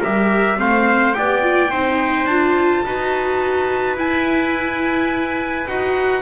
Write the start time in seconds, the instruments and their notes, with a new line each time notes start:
0.00 double bass G3, viola G4, trumpet A#4 E5
0.56 double bass A3, viola C4, trumpet C5 F5
1.14 double bass B3, viola G4, trumpet D5 G5
1.42 viola F4
1.71 double bass C4, viola D#4, trumpet C5
2.24 double bass D4, viola F4, trumpet A5
2.85 double bass D#4, viola F#4, trumpet B4
3.96 double bass E4, viola E4, trumpet G#5
5.67 double bass D#4, viola F#4, trumpet F#5